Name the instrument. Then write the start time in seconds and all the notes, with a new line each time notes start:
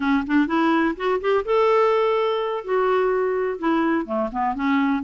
clarinet
0.00 C#4
0.26 D4
0.47 E4
0.96 F#4
1.20 G4
1.45 A4
2.64 F#4
3.58 E4
4.05 A3
4.32 B3
4.55 C#4